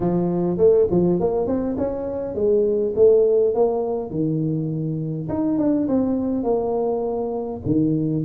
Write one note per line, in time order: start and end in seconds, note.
0.00 0.57 F3
0.57 0.87 A3
0.90 1.20 F3
1.20 1.47 A#3
1.47 1.76 C4
1.77 2.34 C#4
2.34 2.93 G#3
2.95 3.54 A3
3.54 4.10 A#3
4.10 5.28 D#3
5.28 5.58 D#4
5.58 5.87 D4
5.87 6.43 C4
6.43 7.61 A#3
7.65 8.24 D#3